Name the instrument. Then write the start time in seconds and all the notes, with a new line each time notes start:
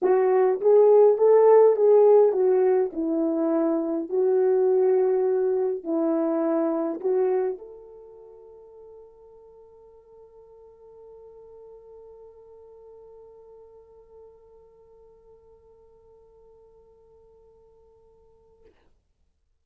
horn
0.02 F#4
0.60 G#4
1.17 A4
1.76 G#4
2.32 F#4
2.93 E4
4.09 F#4
5.83 E4
7.00 F#4
7.58 A4